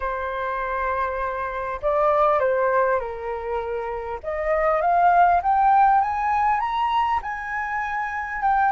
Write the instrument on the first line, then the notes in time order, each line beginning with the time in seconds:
flute
0.00 C5
1.81 D5
2.39 C5
2.99 A#4
4.23 D#5
4.81 F5
5.42 G5
6.01 G#5
6.60 A#5
7.22 G#5
8.42 G5